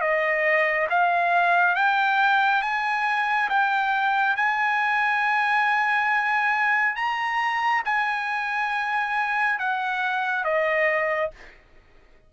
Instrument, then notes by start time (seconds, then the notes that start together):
trumpet
0.00 D#5
0.89 F5
1.75 G5
2.62 G#5
3.49 G5
4.36 G#5
6.95 A#5
7.85 G#5
9.59 F#5
10.44 D#5